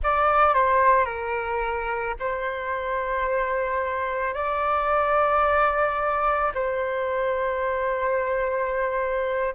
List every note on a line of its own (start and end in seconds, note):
0.03 0.54 D5
0.54 1.05 C5
1.05 2.14 A#4
2.19 4.33 C5
4.33 6.52 D5
6.54 9.54 C5